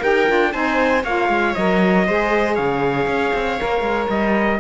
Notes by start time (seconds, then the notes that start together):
0.00 D#4 G4 A#4 G5
0.26 D4 F4
0.52 C4 D#4 C5 G#5
1.03 A#3 F4 C#5 F5
1.29 G#3
1.54 F#3 A#4 D#5
2.07 G#3 G#4 C5
2.54 C#3 C#5 F5
3.06 C#4
3.33 C4
3.59 A#3 A#4
3.81 G#3
4.09 G3 D#5